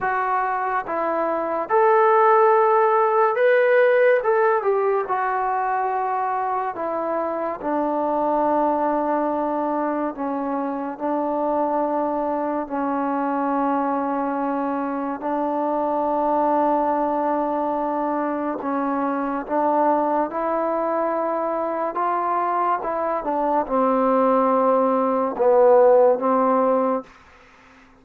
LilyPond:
\new Staff \with { instrumentName = "trombone" } { \time 4/4 \tempo 4 = 71 fis'4 e'4 a'2 | b'4 a'8 g'8 fis'2 | e'4 d'2. | cis'4 d'2 cis'4~ |
cis'2 d'2~ | d'2 cis'4 d'4 | e'2 f'4 e'8 d'8 | c'2 b4 c'4 | }